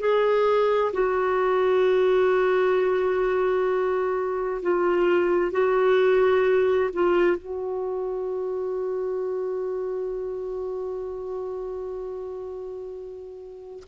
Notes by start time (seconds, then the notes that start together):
0.00 G#4
0.93 F#4
4.62 F4
5.52 F#4
6.94 F4
7.37 F#4